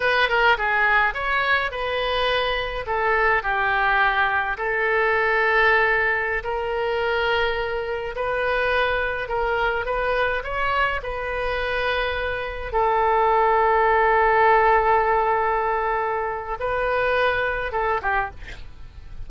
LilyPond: \new Staff \with { instrumentName = "oboe" } { \time 4/4 \tempo 4 = 105 b'8 ais'8 gis'4 cis''4 b'4~ | b'4 a'4 g'2 | a'2.~ a'16 ais'8.~ | ais'2~ ais'16 b'4.~ b'16~ |
b'16 ais'4 b'4 cis''4 b'8.~ | b'2~ b'16 a'4.~ a'16~ | a'1~ | a'4 b'2 a'8 g'8 | }